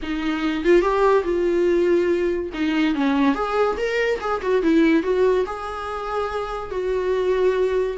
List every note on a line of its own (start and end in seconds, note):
0.02 0.64 D#4
0.64 0.81 F4
0.81 1.23 G4
1.24 2.50 F4
2.53 2.94 D#4
2.94 3.35 C#4
3.35 3.76 G#4
3.77 4.19 A#4
4.20 4.41 G#4
4.41 4.62 F#4
4.62 5.02 E4
5.02 5.44 F#4
5.45 6.70 G#4
6.70 7.96 F#4